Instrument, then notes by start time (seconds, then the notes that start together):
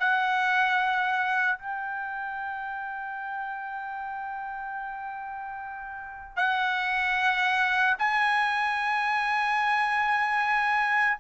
trumpet
0.00 F#5
1.59 G5
6.36 F#5
7.99 G#5